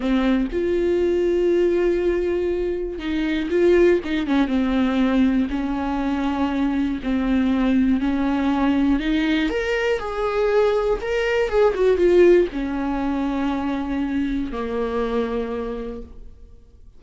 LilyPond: \new Staff \with { instrumentName = "viola" } { \time 4/4 \tempo 4 = 120 c'4 f'2.~ | f'2 dis'4 f'4 | dis'8 cis'8 c'2 cis'4~ | cis'2 c'2 |
cis'2 dis'4 ais'4 | gis'2 ais'4 gis'8 fis'8 | f'4 cis'2.~ | cis'4 ais2. | }